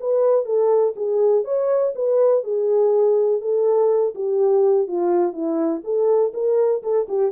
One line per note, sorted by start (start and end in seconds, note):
0.00 0.45 B4
0.45 0.94 A4
0.96 1.44 G#4
1.44 1.93 C#5
1.95 2.43 B4
2.43 3.41 G#4
3.41 4.14 A4
4.15 4.88 G4
4.88 5.33 F4
5.33 5.81 E4
5.84 6.33 A4
6.33 6.82 A#4
6.83 7.07 A4
7.08 7.31 G4